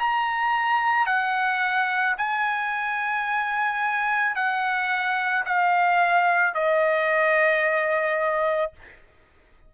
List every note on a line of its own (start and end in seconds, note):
0.00 1.07 A#5
1.07 2.16 F#5
2.18 4.36 G#5
4.36 5.45 F#5
5.46 6.55 F5
6.55 8.73 D#5